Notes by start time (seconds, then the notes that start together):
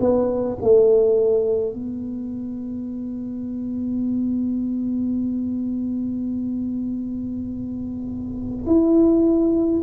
0.00 B3
0.61 A3
1.73 B3
8.66 E4